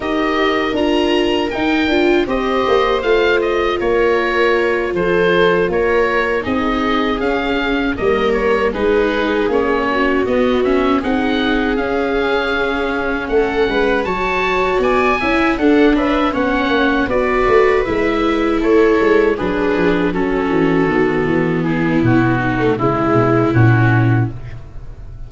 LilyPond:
<<
  \new Staff \with { instrumentName = "oboe" } { \time 4/4 \tempo 4 = 79 dis''4 ais''4 g''4 dis''4 | f''8 dis''8 cis''4. c''4 cis''8~ | cis''8 dis''4 f''4 dis''8 cis''8 b'8~ | b'8 cis''4 dis''8 e''8 fis''4 f''8~ |
f''4. fis''4 a''4 gis''8~ | gis''8 fis''8 e''8 fis''4 d''4 e''8~ | e''8 cis''4 b'4 a'4.~ | a'8 gis'8 fis'4 e'4 fis'4 | }
  \new Staff \with { instrumentName = "viola" } { \time 4/4 ais'2. c''4~ | c''4 ais'4. a'4 ais'8~ | ais'8 gis'2 ais'4 gis'8~ | gis'4 fis'4. gis'4.~ |
gis'4. a'8 b'8 cis''4 d''8 | e''8 a'8 b'8 cis''4 b'4.~ | b'8 a'4 gis'4 fis'4.~ | fis'8 e'4 dis'8 e'2 | }
  \new Staff \with { instrumentName = "viola" } { \time 4/4 g'4 f'4 dis'8 f'8 g'4 | f'1~ | f'8 dis'4 cis'4 ais4 dis'8~ | dis'8 cis'4 b8 cis'8 dis'4 cis'8~ |
cis'2~ cis'8 fis'4. | e'8 d'4 cis'4 fis'4 e'8~ | e'4. d'4 cis'4 b8~ | b4.~ b16 a16 gis4 cis'4 | }
  \new Staff \with { instrumentName = "tuba" } { \time 4/4 dis'4 d'4 dis'8 d'8 c'8 ais8 | a4 ais4. f4 ais8~ | ais8 c'4 cis'4 g4 gis8~ | gis8 ais4 b4 c'4 cis'8~ |
cis'4. a8 gis8 fis4 b8 | cis'8 d'8 cis'8 b8 ais8 b8 a8 gis8~ | gis8 a8 gis8 fis8 f8 fis8 e8 dis8 | e4 b,4 cis8 b,8 ais,4 | }
>>